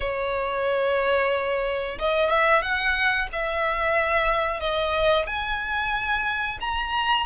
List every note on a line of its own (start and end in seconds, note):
0.00 1.98 C#5
1.98 2.29 D#5
2.29 2.61 E5
2.61 3.27 F#5
3.32 4.59 E5
4.59 5.25 D#5
5.26 6.58 G#5
6.60 7.26 A#5